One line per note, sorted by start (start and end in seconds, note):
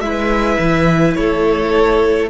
0.00 0.57 G#3
0.00 2.29 E4
0.00 1.17 B4
0.00 1.13 E5
0.59 1.15 E3
1.15 2.30 A3
1.15 2.30 A4
1.15 2.28 C#5